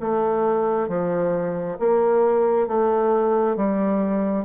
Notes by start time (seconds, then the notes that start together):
0.00 A3
0.88 F3
1.80 A#3
2.68 A3
3.57 G3